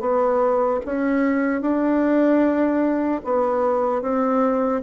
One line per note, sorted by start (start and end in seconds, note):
0.00 0.80 B3
0.85 1.61 C#4
1.61 3.21 D4
3.24 4.01 B3
4.01 4.81 C4